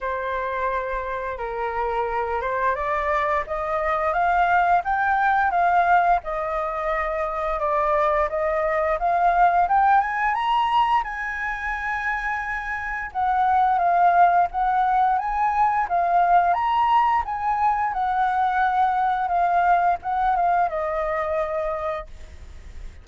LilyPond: \new Staff \with { instrumentName = "flute" } { \time 4/4 \tempo 4 = 87 c''2 ais'4. c''8 | d''4 dis''4 f''4 g''4 | f''4 dis''2 d''4 | dis''4 f''4 g''8 gis''8 ais''4 |
gis''2. fis''4 | f''4 fis''4 gis''4 f''4 | ais''4 gis''4 fis''2 | f''4 fis''8 f''8 dis''2 | }